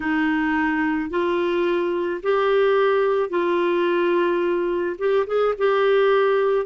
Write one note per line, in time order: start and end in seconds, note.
0.00 1.10 D#4
1.10 2.21 F4
2.22 3.29 G4
3.29 4.96 F4
4.98 5.26 G4
5.26 5.54 G#4
5.58 6.66 G4